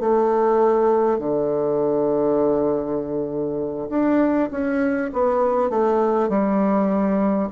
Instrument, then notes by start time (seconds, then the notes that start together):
bassoon
0.00 A3
1.19 D3
3.89 D4
4.51 C#4
5.13 B3
5.70 A3
6.29 G3